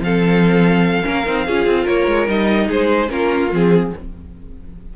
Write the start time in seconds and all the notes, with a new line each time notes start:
0.00 F3 C4 A4 F5
1.03 A#3 C#4 A#4
1.26 C4 D#4
1.46 C#4 F4 G#4
1.67 C4
1.84 A#3 A#4 C#5
2.07 G#3
2.28 G3 D#4 D#5
2.68 G#3 G#4 C5
3.08 A#3 C#4 F4 A#4
3.52 F3 C4 G#4